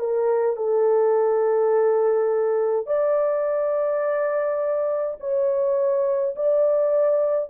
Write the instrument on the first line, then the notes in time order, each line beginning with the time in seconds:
horn
0.00 A#4
0.57 A4
2.86 D5
5.20 C#5
6.36 D5